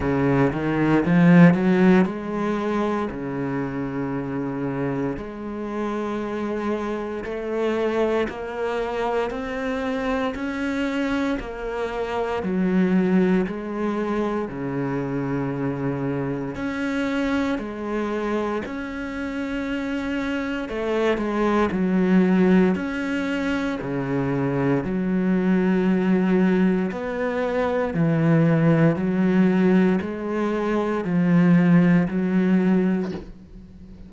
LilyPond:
\new Staff \with { instrumentName = "cello" } { \time 4/4 \tempo 4 = 58 cis8 dis8 f8 fis8 gis4 cis4~ | cis4 gis2 a4 | ais4 c'4 cis'4 ais4 | fis4 gis4 cis2 |
cis'4 gis4 cis'2 | a8 gis8 fis4 cis'4 cis4 | fis2 b4 e4 | fis4 gis4 f4 fis4 | }